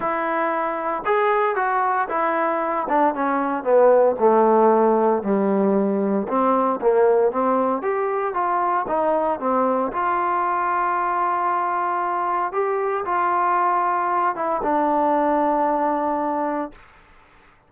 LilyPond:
\new Staff \with { instrumentName = "trombone" } { \time 4/4 \tempo 4 = 115 e'2 gis'4 fis'4 | e'4. d'8 cis'4 b4 | a2 g2 | c'4 ais4 c'4 g'4 |
f'4 dis'4 c'4 f'4~ | f'1 | g'4 f'2~ f'8 e'8 | d'1 | }